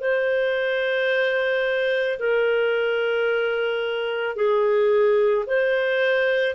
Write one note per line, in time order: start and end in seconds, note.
0.00 2.18 C5
2.19 4.36 A#4
4.36 5.45 G#4
5.46 6.55 C5